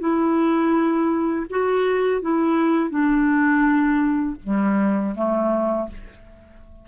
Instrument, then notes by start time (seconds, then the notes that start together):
clarinet
0.00 E4
1.50 F#4
2.22 E4
2.90 D4
4.44 G3
5.16 A3